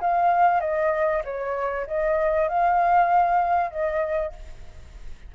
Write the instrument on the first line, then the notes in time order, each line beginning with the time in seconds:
flute
0.00 F5
0.60 D#5
1.24 C#5
1.86 D#5
2.48 F5
3.70 D#5